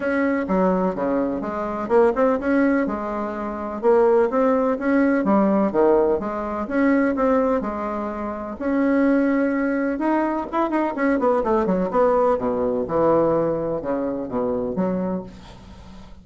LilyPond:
\new Staff \with { instrumentName = "bassoon" } { \time 4/4 \tempo 4 = 126 cis'4 fis4 cis4 gis4 | ais8 c'8 cis'4 gis2 | ais4 c'4 cis'4 g4 | dis4 gis4 cis'4 c'4 |
gis2 cis'2~ | cis'4 dis'4 e'8 dis'8 cis'8 b8 | a8 fis8 b4 b,4 e4~ | e4 cis4 b,4 fis4 | }